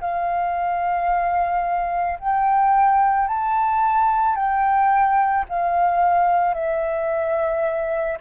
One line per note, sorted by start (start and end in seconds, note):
0.00 2.18 F5
2.19 3.27 G5
3.27 4.35 A5
4.35 5.44 G5
5.48 6.54 F5
6.54 8.17 E5